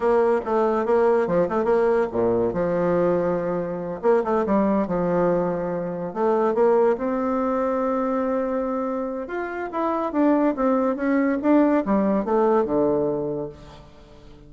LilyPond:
\new Staff \with { instrumentName = "bassoon" } { \time 4/4 \tempo 4 = 142 ais4 a4 ais4 f8 a8 | ais4 ais,4 f2~ | f4. ais8 a8 g4 f8~ | f2~ f8 a4 ais8~ |
ais8 c'2.~ c'8~ | c'2 f'4 e'4 | d'4 c'4 cis'4 d'4 | g4 a4 d2 | }